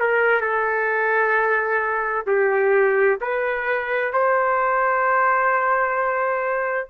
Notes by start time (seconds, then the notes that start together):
0.00 A#4
0.41 A4
2.27 G4
3.21 B4
4.13 C5